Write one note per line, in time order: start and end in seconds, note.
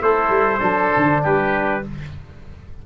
0.00 0.29 A3
0.00 0.59 E4
0.00 0.59 A4
0.00 1.24 C5
0.29 0.59 G3
0.59 0.92 F#3
0.59 1.82 D4
0.59 1.20 A4
0.96 1.25 D3
1.22 1.86 G3
1.22 1.84 G4
1.22 1.86 B4